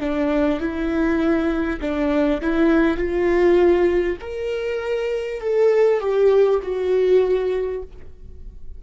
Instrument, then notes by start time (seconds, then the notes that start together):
viola
0.00 D4
0.61 E4
1.81 D4
2.42 E4
2.97 F4
4.21 A#4
5.41 A4
6.01 G4
6.63 F#4